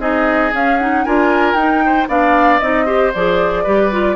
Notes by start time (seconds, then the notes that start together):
0.00 C4 D#4 G#4 D#5
0.53 C#4 F5
0.78 D#4 F#5
1.05 D4 F4 A#4 G#5
1.55 D#4 G5
1.86 C5
2.08 B3 D4 D5 F5
2.60 C4 D#4 D#5
2.86 G4 C5
3.14 F3 G#4 D5
3.64 G3 G4 B4
3.92 F4